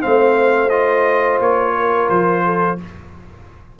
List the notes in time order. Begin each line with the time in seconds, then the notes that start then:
0.00 A3 C4 C5 F5
0.69 F4 D#5
1.40 A#3 C#5
1.76 A#4
2.09 F3 C5
2.45 A4